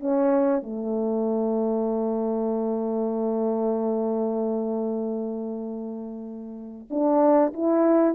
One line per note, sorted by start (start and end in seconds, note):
0.00 0.62 C#4
0.63 6.88 A3
6.90 7.53 D4
7.53 8.15 E4